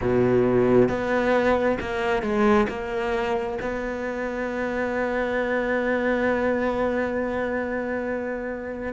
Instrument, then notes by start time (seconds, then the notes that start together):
cello
0.01 B2
0.88 B3
1.80 A#3
2.22 G#3
2.68 A#3
3.61 B3